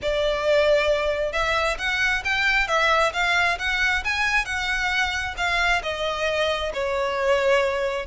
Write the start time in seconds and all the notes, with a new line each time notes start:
0.02 D5
1.32 E5
1.78 F#5
2.24 G5
2.67 E5
3.13 F5
3.58 F#5
4.04 G#5
4.45 F#5
5.37 F5
5.82 D#5
6.73 C#5